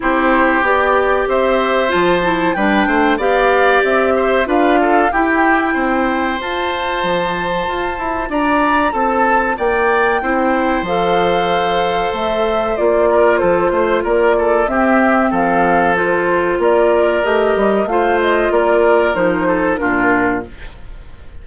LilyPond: <<
  \new Staff \with { instrumentName = "flute" } { \time 4/4 \tempo 4 = 94 c''4 d''4 e''4 a''4 | g''4 f''4 e''4 f''4 | g''2 a''2~ | a''4 ais''4 a''4 g''4~ |
g''4 f''2 e''4 | d''4 c''4 d''4 e''4 | f''4 c''4 d''4 dis''4 | f''8 dis''8 d''4 c''4 ais'4 | }
  \new Staff \with { instrumentName = "oboe" } { \time 4/4 g'2 c''2 | b'8 c''8 d''4. c''8 b'8 a'8 | g'4 c''2.~ | c''4 d''4 a'4 d''4 |
c''1~ | c''8 ais'8 a'8 c''8 ais'8 a'8 g'4 | a'2 ais'2 | c''4 ais'4. a'8 f'4 | }
  \new Staff \with { instrumentName = "clarinet" } { \time 4/4 e'4 g'2 f'8 e'8 | d'4 g'2 f'4 | e'2 f'2~ | f'1 |
e'4 a'2. | f'2. c'4~ | c'4 f'2 g'4 | f'2 dis'4 d'4 | }
  \new Staff \with { instrumentName = "bassoon" } { \time 4/4 c'4 b4 c'4 f4 | g8 a8 b4 c'4 d'4 | e'4 c'4 f'4 f4 | f'8 e'8 d'4 c'4 ais4 |
c'4 f2 a4 | ais4 f8 a8 ais4 c'4 | f2 ais4 a8 g8 | a4 ais4 f4 ais,4 | }
>>